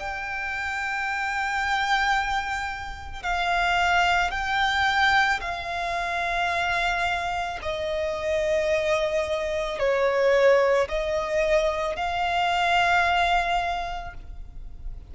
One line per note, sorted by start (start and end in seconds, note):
0.00 3.23 G5
3.23 4.31 F5
4.31 5.40 G5
5.41 7.60 F5
7.62 9.79 D#5
9.79 10.88 C#5
10.89 11.97 D#5
11.97 14.15 F5